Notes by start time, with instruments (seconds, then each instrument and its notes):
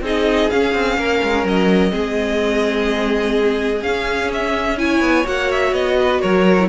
0.00 cello C4, viola D#4, violin G#4
0.06 violin D#5
0.50 viola C#4, cello C#4, violin F5
0.73 cello C4
0.97 cello A#3, violin A#4
1.22 cello G#3
1.44 cello F#3, violin D#5
1.90 cello G#3, viola C4, violin G#4
3.81 cello C#4, viola C#4, violin F5
4.33 violin E5
4.78 viola E4, violin C#5 G#5
5.00 cello B3
5.24 cello A#3, viola F#4, violin F#5
5.51 violin E5
5.72 cello B3, violin D#5
6.00 violin B4
6.21 cello F#3, violin A#4 C#5
6.59 viola E4